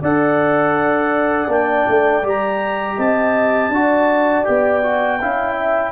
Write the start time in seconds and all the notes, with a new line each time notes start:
0.00 D4 A4 D5 F#5
1.48 A#3 D4 G5
1.87 A3
2.23 G3 G4 A#5
2.97 C4 D#5 A5
3.69 D4 F#4 D5
4.44 B3 G4 G5
4.82 F#4
5.21 C#4 E4 F5
5.53 E5